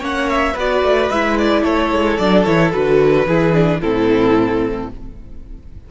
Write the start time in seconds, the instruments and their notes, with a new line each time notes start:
0.00 cello A#3, viola C#4, violin C#5 F#5
0.30 violin E5
0.54 cello B3, viola F#4, violin B4 D5
0.83 cello A3
1.10 cello G#3, viola E4, violin E5
1.39 violin D5
1.64 cello A3, violin A4 C#5
1.92 cello G#3
2.17 cello F#3, viola D4, violin D5
2.44 cello E3, viola E4, violin C#5
2.73 cello D3, viola F#4, violin B4
3.27 cello E3, viola E4, violin G#4
3.53 viola D4
3.81 cello A2, viola C4, violin E4 A4